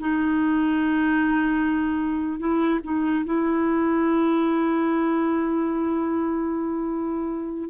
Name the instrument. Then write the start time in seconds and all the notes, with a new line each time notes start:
clarinet
0.00 D#4
2.40 E4
2.84 D#4
3.25 E4